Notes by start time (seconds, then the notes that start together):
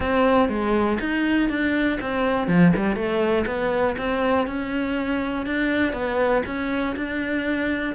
0.00 C4
0.48 G#3
1.00 D#4
1.49 D4
2.00 C4
2.47 F3
2.76 G3
2.95 A3
3.46 B3
3.97 C4
4.46 C#4
5.46 D4
5.92 B3
6.46 C#4
6.96 D4